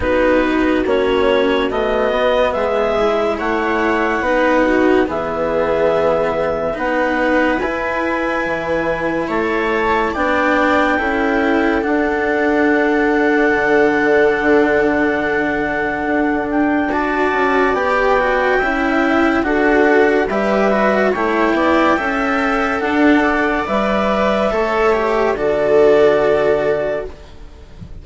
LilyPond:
<<
  \new Staff \with { instrumentName = "clarinet" } { \time 4/4 \tempo 4 = 71 b'4 cis''4 dis''4 e''4 | fis''2 e''2 | fis''4 gis''2 a''4 | g''2 fis''2~ |
fis''2.~ fis''8 g''8 | a''4 g''2 fis''4 | e''4 g''2 fis''4 | e''2 d''2 | }
  \new Staff \with { instrumentName = "viola" } { \time 4/4 fis'2. gis'4 | cis''4 b'8 fis'8 gis'2 | b'2. cis''4 | d''4 a'2.~ |
a'1 | d''2 e''4 a'4 | b'4 cis''8 d''8 e''4 d'8 d''8~ | d''4 cis''4 a'2 | }
  \new Staff \with { instrumentName = "cello" } { \time 4/4 dis'4 cis'4 b4. e'8~ | e'4 dis'4 b2 | dis'4 e'2. | d'4 e'4 d'2~ |
d'1 | fis'4 g'8 fis'8 e'4 fis'4 | g'8 fis'8 e'4 a'2 | b'4 a'8 g'8 fis'2 | }
  \new Staff \with { instrumentName = "bassoon" } { \time 4/4 b4 ais4 a8 b8 gis4 | a4 b4 e2 | b4 e'4 e4 a4 | b4 cis'4 d'2 |
d2. d'4~ | d'8 cis'8 b4 cis'4 d'4 | g4 a8 b8 cis'4 d'4 | g4 a4 d2 | }
>>